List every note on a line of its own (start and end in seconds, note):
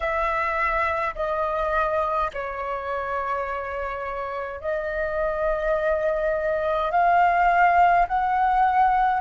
0.00 1.14 E5
1.15 2.30 D#5
2.33 4.60 C#5
4.60 6.91 D#5
6.91 8.06 F5
8.07 9.20 F#5